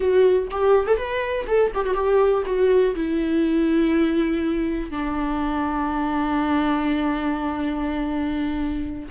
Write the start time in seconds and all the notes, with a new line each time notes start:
0.00 F#4
0.50 G4
0.86 A4
0.96 B4
1.47 A4
1.74 G4
1.85 F#4
1.94 G4
2.45 F#4
2.95 E4
4.90 D4